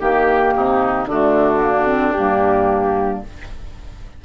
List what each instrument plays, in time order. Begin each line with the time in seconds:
0.00 bassoon D#3, clarinet A#3, oboe G4, flute G4
0.56 bassoon C3, oboe D#4
1.06 bassoon D3, clarinet A3, oboe D4, flute F#4
1.61 clarinet A#3
1.86 clarinet C4
2.12 bassoon G2, clarinet A#3, flute G4